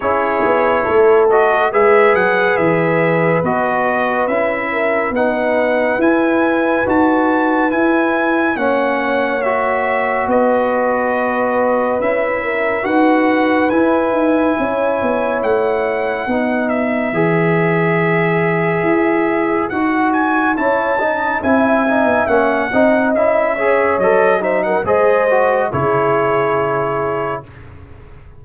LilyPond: <<
  \new Staff \with { instrumentName = "trumpet" } { \time 4/4 \tempo 4 = 70 cis''4. dis''8 e''8 fis''8 e''4 | dis''4 e''4 fis''4 gis''4 | a''4 gis''4 fis''4 e''4 | dis''2 e''4 fis''4 |
gis''2 fis''4. e''8~ | e''2. fis''8 gis''8 | a''4 gis''4 fis''4 e''4 | dis''8 e''16 fis''16 dis''4 cis''2 | }
  \new Staff \with { instrumentName = "horn" } { \time 4/4 gis'4 a'4 b'2~ | b'4. ais'8 b'2~ | b'2 cis''2 | b'2~ b'8 ais'8 b'4~ |
b'4 cis''2 b'4~ | b'1 | cis''8 dis''8 e''4. dis''4 cis''8~ | cis''8 c''16 ais'16 c''4 gis'2 | }
  \new Staff \with { instrumentName = "trombone" } { \time 4/4 e'4. fis'8 gis'2 | fis'4 e'4 dis'4 e'4 | fis'4 e'4 cis'4 fis'4~ | fis'2 e'4 fis'4 |
e'2. dis'4 | gis'2. fis'4 | e'8 dis'8 e'8 dis'8 cis'8 dis'8 e'8 gis'8 | a'8 dis'8 gis'8 fis'8 e'2 | }
  \new Staff \with { instrumentName = "tuba" } { \time 4/4 cis'8 b8 a4 gis8 fis8 e4 | b4 cis'4 b4 e'4 | dis'4 e'4 ais2 | b2 cis'4 dis'4 |
e'8 dis'8 cis'8 b8 a4 b4 | e2 e'4 dis'4 | cis'4 c'8. b16 ais8 c'8 cis'4 | fis4 gis4 cis2 | }
>>